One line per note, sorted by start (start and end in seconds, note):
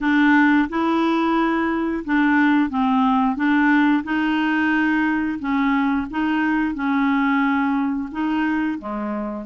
0.01 0.68 D4
0.69 2.03 E4
2.04 2.69 D4
2.69 3.36 C4
3.36 4.03 D4
4.03 5.38 D#4
5.39 6.06 C#4
6.10 6.74 D#4
6.74 8.09 C#4
8.11 8.78 D#4
8.78 9.45 G#3